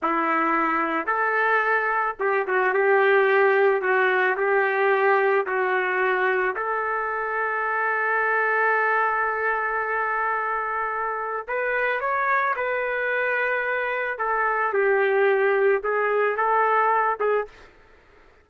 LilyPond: \new Staff \with { instrumentName = "trumpet" } { \time 4/4 \tempo 4 = 110 e'2 a'2 | g'8 fis'8 g'2 fis'4 | g'2 fis'2 | a'1~ |
a'1~ | a'4 b'4 cis''4 b'4~ | b'2 a'4 g'4~ | g'4 gis'4 a'4. gis'8 | }